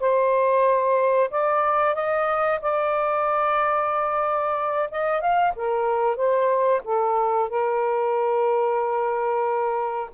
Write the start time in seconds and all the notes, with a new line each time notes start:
0.00 C5
1.31 D5
1.95 D#5
2.61 D5
4.91 D#5
5.21 F5
5.56 A#4
6.16 C5
6.84 A4
7.49 A#4